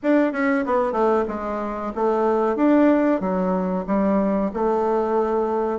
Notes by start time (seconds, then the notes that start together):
0.02 D4
0.32 C#4
0.65 B3
0.92 A3
1.28 G#3
1.95 A3
2.56 D4
3.20 F#3
3.86 G3
4.53 A3